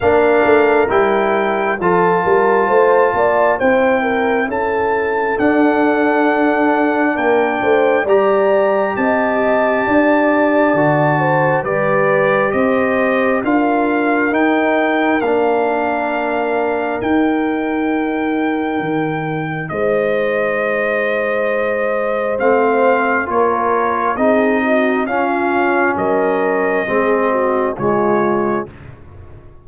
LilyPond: <<
  \new Staff \with { instrumentName = "trumpet" } { \time 4/4 \tempo 4 = 67 f''4 g''4 a''2 | g''4 a''4 fis''2 | g''4 ais''4 a''2~ | a''4 d''4 dis''4 f''4 |
g''4 f''2 g''4~ | g''2 dis''2~ | dis''4 f''4 cis''4 dis''4 | f''4 dis''2 cis''4 | }
  \new Staff \with { instrumentName = "horn" } { \time 4/4 ais'2 a'8 ais'8 c''8 d''8 | c''8 ais'8 a'2. | ais'8 c''8 d''4 dis''4 d''4~ | d''8 c''8 b'4 c''4 ais'4~ |
ais'1~ | ais'2 c''2~ | c''2 ais'4 gis'8 fis'8 | f'4 ais'4 gis'8 fis'8 f'4 | }
  \new Staff \with { instrumentName = "trombone" } { \time 4/4 d'4 e'4 f'2 | e'2 d'2~ | d'4 g'2. | fis'4 g'2 f'4 |
dis'4 d'2 dis'4~ | dis'1~ | dis'4 c'4 f'4 dis'4 | cis'2 c'4 gis4 | }
  \new Staff \with { instrumentName = "tuba" } { \time 4/4 ais8 a8 g4 f8 g8 a8 ais8 | c'4 cis'4 d'2 | ais8 a8 g4 c'4 d'4 | d4 g4 c'4 d'4 |
dis'4 ais2 dis'4~ | dis'4 dis4 gis2~ | gis4 a4 ais4 c'4 | cis'4 fis4 gis4 cis4 | }
>>